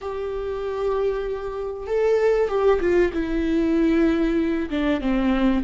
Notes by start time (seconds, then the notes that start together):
0.01 G4
1.86 A4
2.48 G4
2.80 F4
3.13 E4
4.69 D4
5.01 C4